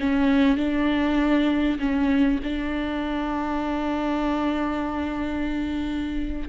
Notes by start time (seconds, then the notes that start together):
0.00 C#4
0.58 D4
1.79 C#4
2.43 D4